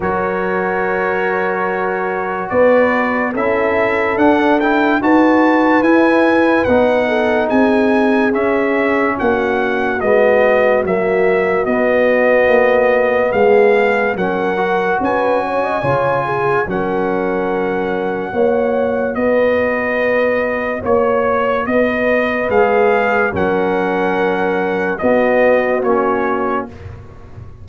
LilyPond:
<<
  \new Staff \with { instrumentName = "trumpet" } { \time 4/4 \tempo 4 = 72 cis''2. d''4 | e''4 fis''8 g''8 a''4 gis''4 | fis''4 gis''4 e''4 fis''4 | dis''4 e''4 dis''2 |
f''4 fis''4 gis''2 | fis''2. dis''4~ | dis''4 cis''4 dis''4 f''4 | fis''2 dis''4 cis''4 | }
  \new Staff \with { instrumentName = "horn" } { \time 4/4 ais'2. b'4 | a'2 b'2~ | b'8 a'8 gis'2 fis'4~ | fis'1 |
gis'4 ais'4 b'8 cis''16 dis''16 cis''8 gis'8 | ais'2 cis''4 b'4~ | b'4 cis''4 b'2 | ais'2 fis'2 | }
  \new Staff \with { instrumentName = "trombone" } { \time 4/4 fis'1 | e'4 d'8 e'8 fis'4 e'4 | dis'2 cis'2 | b4 ais4 b2~ |
b4 cis'8 fis'4. f'4 | cis'2 fis'2~ | fis'2. gis'4 | cis'2 b4 cis'4 | }
  \new Staff \with { instrumentName = "tuba" } { \time 4/4 fis2. b4 | cis'4 d'4 dis'4 e'4 | b4 c'4 cis'4 ais4 | gis4 fis4 b4 ais4 |
gis4 fis4 cis'4 cis4 | fis2 ais4 b4~ | b4 ais4 b4 gis4 | fis2 b4 ais4 | }
>>